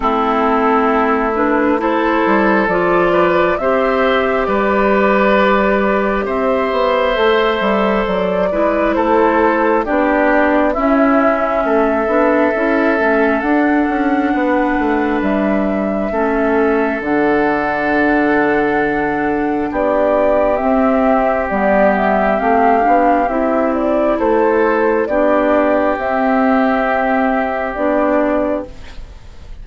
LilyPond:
<<
  \new Staff \with { instrumentName = "flute" } { \time 4/4 \tempo 4 = 67 a'4. b'8 c''4 d''4 | e''4 d''2 e''4~ | e''4 d''4 c''4 d''4 | e''2. fis''4~ |
fis''4 e''2 fis''4~ | fis''2 d''4 e''4 | d''8 e''8 f''4 e''8 d''8 c''4 | d''4 e''2 d''4 | }
  \new Staff \with { instrumentName = "oboe" } { \time 4/4 e'2 a'4. b'8 | c''4 b'2 c''4~ | c''4. b'8 a'4 g'4 | e'4 a'2. |
b'2 a'2~ | a'2 g'2~ | g'2. a'4 | g'1 | }
  \new Staff \with { instrumentName = "clarinet" } { \time 4/4 c'4. d'8 e'4 f'4 | g'1 | a'4. e'4. d'4 | cis'4. d'8 e'8 cis'8 d'4~ |
d'2 cis'4 d'4~ | d'2. c'4 | b4 c'8 d'8 e'2 | d'4 c'2 d'4 | }
  \new Staff \with { instrumentName = "bassoon" } { \time 4/4 a2~ a8 g8 f4 | c'4 g2 c'8 b8 | a8 g8 fis8 gis8 a4 b4 | cis'4 a8 b8 cis'8 a8 d'8 cis'8 |
b8 a8 g4 a4 d4~ | d2 b4 c'4 | g4 a8 b8 c'4 a4 | b4 c'2 b4 | }
>>